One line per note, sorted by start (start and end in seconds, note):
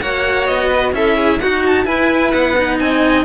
0.00 0.49 A#3
0.00 0.94 F#4
0.00 0.68 C#5
0.00 0.46 F#5
0.46 0.92 B3
0.46 0.93 D#5
0.68 0.91 B4
0.92 1.39 C#4
0.92 1.40 E4
0.92 1.16 A4
0.92 1.39 E5
1.16 1.39 G#4
1.39 1.86 D#4
1.39 1.85 F#4
1.39 1.84 F#4
1.39 1.62 F#5
1.66 1.85 A5
1.84 2.54 E4
1.84 2.33 E4
1.84 2.78 B4
1.84 2.31 G#5
2.31 2.80 B3
2.31 2.77 F#5
2.57 3.25 D#4
2.79 3.25 C4
2.79 3.25 D#5
2.79 3.25 G#5